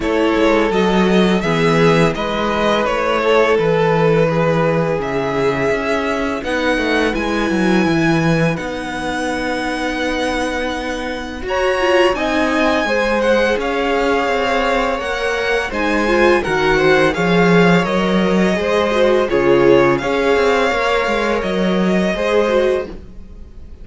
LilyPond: <<
  \new Staff \with { instrumentName = "violin" } { \time 4/4 \tempo 4 = 84 cis''4 dis''4 e''4 dis''4 | cis''4 b'2 e''4~ | e''4 fis''4 gis''2 | fis''1 |
ais''4 gis''4. fis''8 f''4~ | f''4 fis''4 gis''4 fis''4 | f''4 dis''2 cis''4 | f''2 dis''2 | }
  \new Staff \with { instrumentName = "violin" } { \time 4/4 a'2 gis'4 b'4~ | b'8 a'4. gis'2~ | gis'4 b'2.~ | b'1 |
cis''4 dis''4 c''4 cis''4~ | cis''2 c''4 ais'8 c''8 | cis''2 c''4 gis'4 | cis''2. c''4 | }
  \new Staff \with { instrumentName = "viola" } { \time 4/4 e'4 fis'4 b4 e'4~ | e'1~ | e'4 dis'4 e'2 | dis'1 |
fis'8 f'8 dis'4 gis'2~ | gis'4 ais'4 dis'8 f'8 fis'4 | gis'4 ais'4 gis'8 fis'8 f'4 | gis'4 ais'2 gis'8 fis'8 | }
  \new Staff \with { instrumentName = "cello" } { \time 4/4 a8 gis8 fis4 e4 gis4 | a4 e2 cis4 | cis'4 b8 a8 gis8 fis8 e4 | b1 |
fis'4 c'4 gis4 cis'4 | c'4 ais4 gis4 dis4 | f4 fis4 gis4 cis4 | cis'8 c'8 ais8 gis8 fis4 gis4 | }
>>